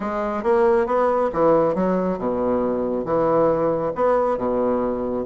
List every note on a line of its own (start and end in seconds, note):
0.00 0.43 G#3
0.43 0.86 A#3
0.86 1.30 B3
1.32 1.74 E3
1.74 2.18 F#3
2.18 3.04 B2
3.04 3.92 E3
3.95 4.37 B3
4.37 5.25 B2